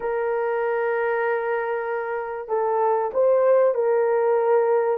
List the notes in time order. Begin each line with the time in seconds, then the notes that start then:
0.00 A#4
2.48 A4
3.13 C5
3.74 A#4